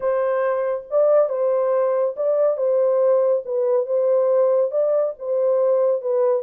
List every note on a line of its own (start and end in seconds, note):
0.00 0.84 C5
0.90 1.29 D5
1.29 2.14 C5
2.16 2.57 D5
2.57 3.42 C5
3.45 3.86 B4
3.86 4.71 C5
4.71 5.14 D5
5.18 6.01 C5
6.01 6.42 B4